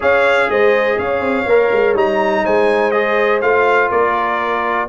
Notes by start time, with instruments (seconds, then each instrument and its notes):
0.00 tuba C#4, trombone G#4, horn C#5, trumpet F5
0.49 tuba G#3, horn C5, trumpet D#5
0.98 tuba C#4, horn C#5, trumpet F5
1.19 tuba C4
1.45 tuba A#3, trombone A#4
1.72 tuba G#3
1.93 tuba G3, trombone D#4, trumpet A#5
2.44 tuba G#3, horn C5, trumpet G#5
2.91 trombone G#4, trumpet D#5
3.41 tuba A3, trombone F4, trumpet F5
3.90 tuba A#3, horn A#4, trumpet D5